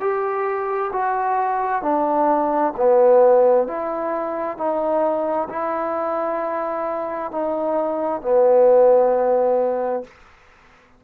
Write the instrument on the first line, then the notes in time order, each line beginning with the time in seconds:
trombone
0.00 G4
0.93 F#4
1.82 D4
2.76 B3
3.67 E4
4.57 D#4
5.50 E4
7.31 D#4
8.22 B3